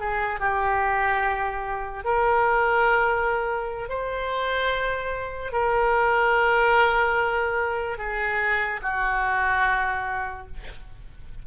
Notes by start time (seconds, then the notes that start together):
0.00 G#4
0.40 G4
2.04 A#4
3.89 C5
5.52 A#4
7.98 G#4
8.82 F#4